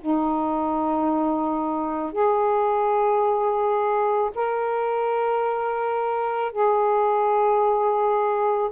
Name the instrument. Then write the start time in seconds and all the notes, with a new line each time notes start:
saxophone
0.00 D#4
2.12 G#4
4.35 A#4
6.52 G#4